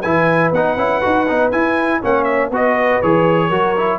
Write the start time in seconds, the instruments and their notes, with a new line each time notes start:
0.00 tuba E3, trombone E4, horn B4, trumpet G#5
0.52 tuba B3, trombone D#4, trumpet F#5
0.76 tuba C#4, trombone E4
1.01 tuba D#4, trombone F#4
1.28 tuba B3, trombone D#4
1.51 trombone E4, tuba E4, trumpet G#5
2.00 tuba A#3, trombone C#4, horn C#5, trumpet F#5
2.24 trumpet E5
2.50 tuba B3, trombone F#4, horn B4, trumpet D#5
3.01 tuba E3, trombone G#4, trumpet C#5
3.48 tuba F#3, trombone F#4, horn A#4
3.77 trombone E4